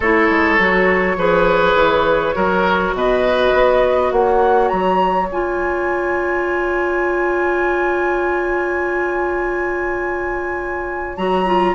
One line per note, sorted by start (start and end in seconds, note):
0.00 0.28 A3
0.00 0.59 E4
0.00 1.16 A4
0.00 2.95 C#5
0.30 0.58 G#3
0.58 1.16 F#3
0.58 1.17 F#4
1.16 1.74 F3
1.16 2.34 G#4
1.16 2.35 B4
1.74 2.33 E3
2.34 2.93 F#3
2.34 5.28 F#4
2.34 2.94 A#4
2.93 3.52 B2
2.93 4.12 B4
2.93 4.12 D#5
3.53 4.11 B3
4.11 4.70 A#3
4.11 11.74 C#5
4.11 4.68 F#5
4.68 5.29 F#3
4.68 5.27 A#5
5.29 11.17 C#4
5.29 11.18 F4
5.29 11.16 G#5
11.16 11.74 F#3
11.16 11.45 F#4
11.16 11.74 A#5
11.45 11.74 F4